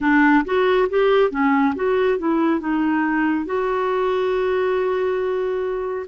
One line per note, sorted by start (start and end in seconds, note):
0.00 0.44 D4
0.45 0.88 F#4
0.89 1.30 G4
1.30 1.74 C#4
1.75 2.18 F#4
2.18 2.60 E4
2.60 3.45 D#4
3.45 6.06 F#4